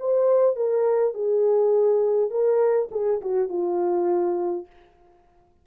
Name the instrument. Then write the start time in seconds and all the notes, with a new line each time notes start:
horn
0.00 C5
0.56 A#4
1.14 G#4
2.31 A#4
2.92 G#4
3.22 F#4
3.49 F4